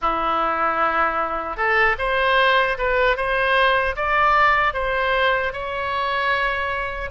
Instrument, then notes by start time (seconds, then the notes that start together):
oboe
0.01 E4
1.56 A4
1.98 C5
2.77 B4
3.16 C5
3.95 D5
4.73 C5
5.52 C#5